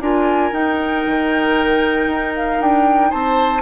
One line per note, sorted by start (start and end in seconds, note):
0.00 0.52 D4
0.00 0.52 F4
0.00 3.10 A#4
0.00 0.53 G#5
0.52 3.62 D#4
0.52 1.04 D#4
0.52 2.35 G5
1.07 2.07 D#3
2.07 2.59 D#4
2.35 2.61 F5
2.61 3.12 D4
2.61 3.11 G5
3.10 3.62 C4
3.10 3.62 C5
3.10 3.62 A5